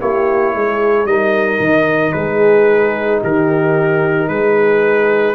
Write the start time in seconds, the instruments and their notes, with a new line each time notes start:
0.00 tuba A#3, trombone E4, horn G4, trumpet C#5
0.55 tuba G#3, horn G#4
1.05 tuba G3, trombone D#4, horn A#4, trumpet D#5
1.60 tuba D#3
2.12 tuba G#3, horn G#4, trumpet B4
3.20 tuba D#3, horn G4, trumpet A#4
4.28 tuba G#3, horn G#4, trumpet B4